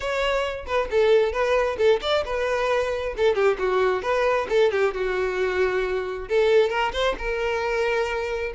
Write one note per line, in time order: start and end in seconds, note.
0.00 0.65 C#5
0.66 0.89 B4
0.91 1.32 A4
1.32 1.77 B4
1.78 2.00 A4
2.01 2.23 D5
2.25 3.14 B4
3.16 3.35 A4
3.35 3.57 G4
3.58 4.02 F#4
4.02 4.47 B4
4.49 4.71 A4
4.71 4.94 G4
4.94 6.28 F#4
6.28 6.69 A4
6.69 6.92 A#4
6.92 7.15 C5
7.18 8.52 A#4